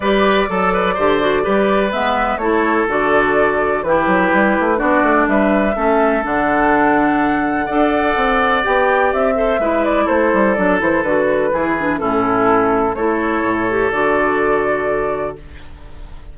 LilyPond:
<<
  \new Staff \with { instrumentName = "flute" } { \time 4/4 \tempo 4 = 125 d''1 | e''4 cis''4 d''2 | b'2 d''4 e''4~ | e''4 fis''2.~ |
fis''2 g''4 e''4~ | e''8 d''8 c''4 d''8 c''8 b'4~ | b'4 a'2 cis''4~ | cis''4 d''2. | }
  \new Staff \with { instrumentName = "oboe" } { \time 4/4 b'4 a'8 b'8 c''4 b'4~ | b'4 a'2. | g'2 fis'4 b'4 | a'1 |
d''2.~ d''8 c''8 | b'4 a'2. | gis'4 e'2 a'4~ | a'1 | }
  \new Staff \with { instrumentName = "clarinet" } { \time 4/4 g'4 a'4 g'8 fis'8 g'4 | b4 e'4 fis'2 | e'2 d'2 | cis'4 d'2. |
a'2 g'4. a'8 | e'2 d'8 e'8 fis'4 | e'8 d'8 cis'2 e'4~ | e'8 g'8 fis'2. | }
  \new Staff \with { instrumentName = "bassoon" } { \time 4/4 g4 fis4 d4 g4 | gis4 a4 d2 | e8 fis8 g8 a8 b8 a8 g4 | a4 d2. |
d'4 c'4 b4 c'4 | gis4 a8 g8 fis8 e8 d4 | e4 a,2 a4 | a,4 d2. | }
>>